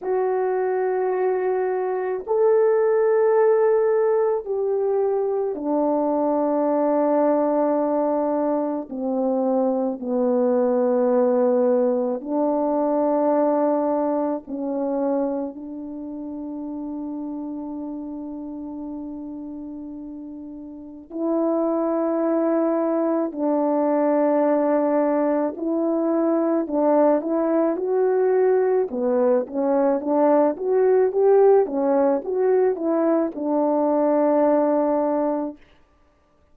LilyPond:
\new Staff \with { instrumentName = "horn" } { \time 4/4 \tempo 4 = 54 fis'2 a'2 | g'4 d'2. | c'4 b2 d'4~ | d'4 cis'4 d'2~ |
d'2. e'4~ | e'4 d'2 e'4 | d'8 e'8 fis'4 b8 cis'8 d'8 fis'8 | g'8 cis'8 fis'8 e'8 d'2 | }